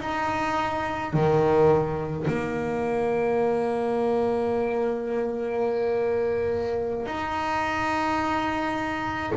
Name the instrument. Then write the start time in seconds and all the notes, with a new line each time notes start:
double bass
0.00 D#4
1.13 D#3
2.27 A#3
7.06 D#4